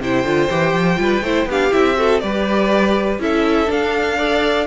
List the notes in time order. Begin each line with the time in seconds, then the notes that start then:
0.00 C3 E4 C5 G5
0.24 D3 F4
0.49 E3 G4
0.73 F3
0.96 G3 F4 B4
1.22 A3 E4 C5
1.45 B3 D4 G4 F5
1.71 C4 E4 E5
1.96 F#4 A4
2.20 G3 G4 B4 D5
3.19 C#4 E4 A4 E5
3.67 D4 F5
4.18 A4 D5